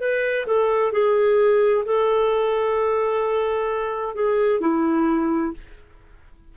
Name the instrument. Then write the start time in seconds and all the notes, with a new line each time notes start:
clarinet
0.00 B4
0.47 A4
0.92 G#4
1.85 A4
4.15 G#4
4.61 E4